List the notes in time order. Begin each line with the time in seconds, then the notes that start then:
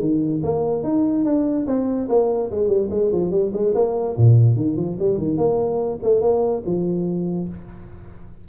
0.00 D#3
0.43 A#3
0.83 D#4
1.25 D4
1.67 C4
2.09 A#3
2.51 G#3
2.68 G3
2.91 G#3
3.12 F3
3.31 G3
3.53 G#3
3.75 A#3
4.17 A#2
4.56 D#3
4.77 F3
4.99 G3
5.18 D#3
5.37 A#3
6.03 A3
6.21 A#3
6.66 F3